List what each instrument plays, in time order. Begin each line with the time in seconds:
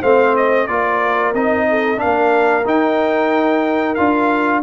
0.00 tuba A3, trombone C4, horn C5, trumpet F5
0.36 trumpet D#5
0.67 tuba A#3, trombone F4, horn A#4, trumpet D5
1.33 tuba C4, trombone D#4, trumpet D#5
1.69 horn A4
1.96 trombone D4, horn A#4, trumpet F5
2.04 tuba A#3
2.65 tuba D#4, trombone D#4, trumpet G5
3.95 tuba D4, trombone F4, trumpet F5